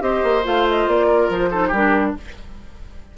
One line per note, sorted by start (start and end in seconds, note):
0.00 0.22 C4
0.00 0.43 G4
0.00 1.06 C5
0.00 0.44 D#5
0.23 0.44 A#3
0.43 0.87 A3
0.43 1.49 F4
0.43 0.68 F5
0.69 0.88 D#5
0.87 1.29 A#3
0.87 1.31 D5
1.06 1.49 A#4
1.29 1.71 F3
1.29 1.73 C5
1.50 1.72 D#4
1.50 1.67 A4
1.67 2.14 G3
1.67 2.10 G4
1.67 2.16 A#4
1.75 2.17 D4